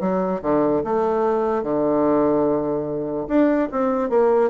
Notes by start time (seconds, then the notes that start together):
0.00 F#3
0.42 D3
0.84 A3
1.63 D3
3.28 D4
3.71 C4
4.09 A#3